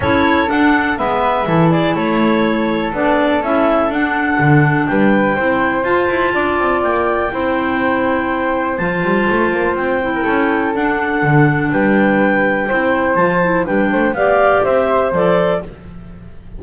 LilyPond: <<
  \new Staff \with { instrumentName = "clarinet" } { \time 4/4 \tempo 4 = 123 cis''4 fis''4 e''4. d''8 | cis''2 d''4 e''4 | fis''2 g''2 | a''2 g''2~ |
g''2 a''2 | g''2 fis''2 | g''2. a''4 | g''4 f''4 e''4 d''4 | }
  \new Staff \with { instrumentName = "flute" } { \time 4/4 a'2 b'4 a'8 gis'8 | a'1~ | a'2 b'4 c''4~ | c''4 d''2 c''4~ |
c''1~ | c''8. ais'16 a'2. | b'2 c''2 | b'8 c''8 d''4 c''2 | }
  \new Staff \with { instrumentName = "clarinet" } { \time 4/4 e'4 d'4 b4 e'4~ | e'2 d'4 e'4 | d'2. e'4 | f'2. e'4~ |
e'2 f'2~ | f'8 e'4. d'2~ | d'2 e'4 f'8 e'8 | d'4 g'2 a'4 | }
  \new Staff \with { instrumentName = "double bass" } { \time 4/4 cis'4 d'4 gis4 e4 | a2 b4 cis'4 | d'4 d4 g4 c'4 | f'8 e'8 d'8 c'8 ais4 c'4~ |
c'2 f8 g8 a8 ais8 | c'4 cis'4 d'4 d4 | g2 c'4 f4 | g8 a8 b4 c'4 f4 | }
>>